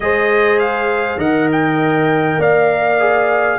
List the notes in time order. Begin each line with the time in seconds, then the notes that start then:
0.00 G#3 G#4 C5 D#5
0.59 F5
1.17 D#3 A#4 D#5 F#5
1.52 G5
2.38 A#3 D5 F5
2.99 G#4